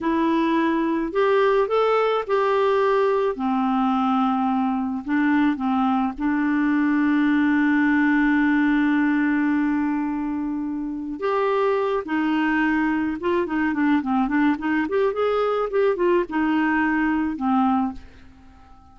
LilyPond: \new Staff \with { instrumentName = "clarinet" } { \time 4/4 \tempo 4 = 107 e'2 g'4 a'4 | g'2 c'2~ | c'4 d'4 c'4 d'4~ | d'1~ |
d'1 | g'4. dis'2 f'8 | dis'8 d'8 c'8 d'8 dis'8 g'8 gis'4 | g'8 f'8 dis'2 c'4 | }